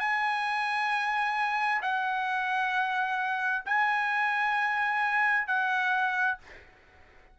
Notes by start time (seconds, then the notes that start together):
0.00 G#5
1.83 F#5
3.66 G#5
5.48 F#5